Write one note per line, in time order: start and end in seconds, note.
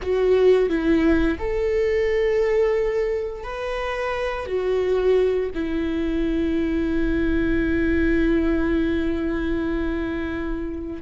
0.02 0.69 F#4
0.69 1.38 E4
1.38 3.43 A4
3.43 4.46 B4
4.46 5.50 F#4
5.54 11.02 E4